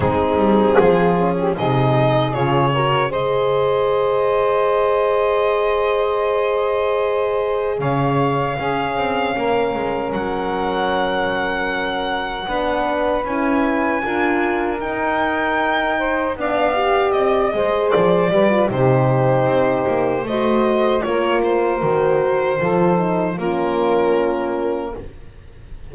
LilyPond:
<<
  \new Staff \with { instrumentName = "violin" } { \time 4/4 \tempo 4 = 77 gis'2 dis''4 cis''4 | dis''1~ | dis''2 f''2~ | f''4 fis''2.~ |
fis''4 gis''2 g''4~ | g''4 f''4 dis''4 d''4 | c''2 dis''4 cis''8 c''8~ | c''2 ais'2 | }
  \new Staff \with { instrumentName = "saxophone" } { \time 4/4 dis'4 f'8. g'16 gis'4. ais'8 | c''1~ | c''2 cis''4 gis'4 | ais'1 |
b'2 ais'2~ | ais'8 c''8 d''4. c''4 b'8 | g'2 c''4 ais'4~ | ais'4 a'4 f'2 | }
  \new Staff \with { instrumentName = "horn" } { \time 4/4 c'4. cis'8 dis'4 f'8 fis'8 | gis'1~ | gis'2. cis'4~ | cis'1 |
d'4 e'4 f'4 dis'4~ | dis'4 d'8 g'4 gis'4 g'16 f'16 | dis'2 fis'4 f'4 | fis'4 f'8 dis'8 cis'2 | }
  \new Staff \with { instrumentName = "double bass" } { \time 4/4 gis8 g8 f4 c4 cis4 | gis1~ | gis2 cis4 cis'8 c'8 | ais8 gis8 fis2. |
b4 cis'4 d'4 dis'4~ | dis'4 b4 c'8 gis8 f8 g8 | c4 c'8 ais8 a4 ais4 | dis4 f4 ais2 | }
>>